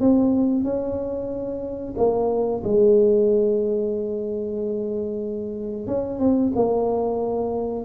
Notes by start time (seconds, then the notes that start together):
0.00 C4
0.64 C#4
1.97 A#3
2.64 G#3
5.87 C#4
6.19 C4
6.55 A#3